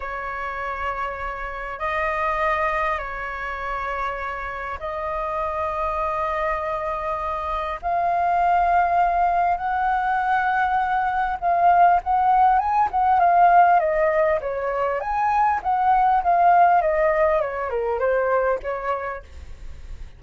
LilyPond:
\new Staff \with { instrumentName = "flute" } { \time 4/4 \tempo 4 = 100 cis''2. dis''4~ | dis''4 cis''2. | dis''1~ | dis''4 f''2. |
fis''2. f''4 | fis''4 gis''8 fis''8 f''4 dis''4 | cis''4 gis''4 fis''4 f''4 | dis''4 cis''8 ais'8 c''4 cis''4 | }